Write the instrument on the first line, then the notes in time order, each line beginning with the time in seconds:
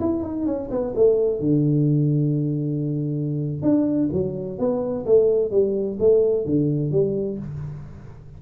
tuba
0.00 E4
0.23 D#4
0.46 C#4
0.70 B3
0.95 A3
1.40 D3
3.62 D4
4.12 F#3
4.59 B3
5.06 A3
5.51 G3
5.99 A3
6.45 D3
6.91 G3